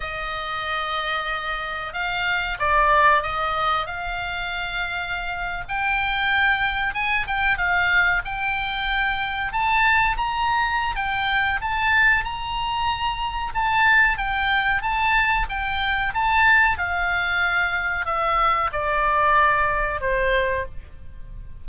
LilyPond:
\new Staff \with { instrumentName = "oboe" } { \time 4/4 \tempo 4 = 93 dis''2. f''4 | d''4 dis''4 f''2~ | f''8. g''2 gis''8 g''8 f''16~ | f''8. g''2 a''4 ais''16~ |
ais''4 g''4 a''4 ais''4~ | ais''4 a''4 g''4 a''4 | g''4 a''4 f''2 | e''4 d''2 c''4 | }